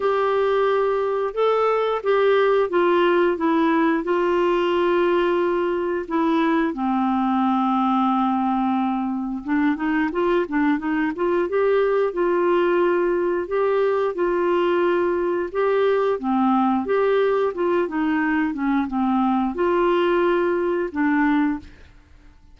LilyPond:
\new Staff \with { instrumentName = "clarinet" } { \time 4/4 \tempo 4 = 89 g'2 a'4 g'4 | f'4 e'4 f'2~ | f'4 e'4 c'2~ | c'2 d'8 dis'8 f'8 d'8 |
dis'8 f'8 g'4 f'2 | g'4 f'2 g'4 | c'4 g'4 f'8 dis'4 cis'8 | c'4 f'2 d'4 | }